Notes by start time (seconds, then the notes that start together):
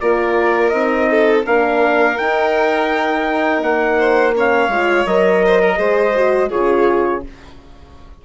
0.00 A#3 F4 A#4 D5
0.69 C4 D#4 D#5
1.10 A4
1.45 A#3 D4 A#4 F5
2.16 D#4 G5
3.62 A#3 F#5
3.98 C5
4.35 C#4 C#5 F5
4.68 G#3 F4
5.06 F#3 A#4 D#5
5.46 C5
5.61 A#4
5.76 G#3 G#4 C5
6.15 F#4
6.49 C#3 F4 G#4 C#5